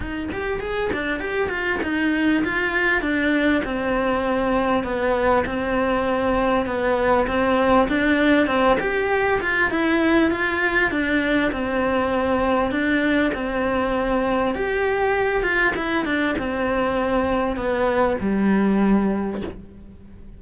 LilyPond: \new Staff \with { instrumentName = "cello" } { \time 4/4 \tempo 4 = 99 dis'8 g'8 gis'8 d'8 g'8 f'8 dis'4 | f'4 d'4 c'2 | b4 c'2 b4 | c'4 d'4 c'8 g'4 f'8 |
e'4 f'4 d'4 c'4~ | c'4 d'4 c'2 | g'4. f'8 e'8 d'8 c'4~ | c'4 b4 g2 | }